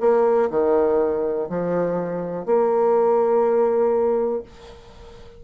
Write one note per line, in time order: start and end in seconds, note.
0.00 0.49 A#3
0.50 1.48 D#3
1.49 2.45 F3
2.45 4.42 A#3